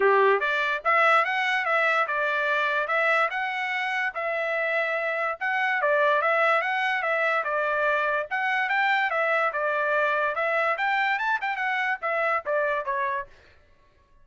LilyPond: \new Staff \with { instrumentName = "trumpet" } { \time 4/4 \tempo 4 = 145 g'4 d''4 e''4 fis''4 | e''4 d''2 e''4 | fis''2 e''2~ | e''4 fis''4 d''4 e''4 |
fis''4 e''4 d''2 | fis''4 g''4 e''4 d''4~ | d''4 e''4 g''4 a''8 g''8 | fis''4 e''4 d''4 cis''4 | }